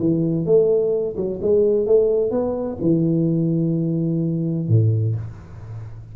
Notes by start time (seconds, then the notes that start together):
0.00 E3
0.46 A3
1.16 F#3
1.42 G#3
1.86 A3
2.31 B3
2.81 E3
4.68 A2